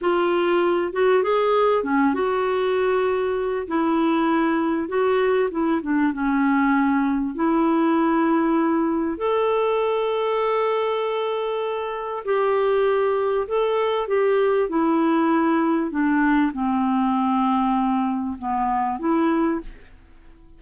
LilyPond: \new Staff \with { instrumentName = "clarinet" } { \time 4/4 \tempo 4 = 98 f'4. fis'8 gis'4 cis'8 fis'8~ | fis'2 e'2 | fis'4 e'8 d'8 cis'2 | e'2. a'4~ |
a'1 | g'2 a'4 g'4 | e'2 d'4 c'4~ | c'2 b4 e'4 | }